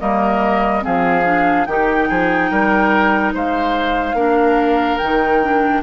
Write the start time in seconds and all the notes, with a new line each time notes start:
0.00 G3 A#3 A#4 D#5
0.82 F3 C4 G#4 F5
1.25 D4
1.66 D#3 D#4 G4 G5
2.09 F3 G#4
2.51 G3 A#4
3.34 G#3 C5 F5
4.14 A#3 D4 A#4
4.98 D#3 D#4 G5
5.42 D4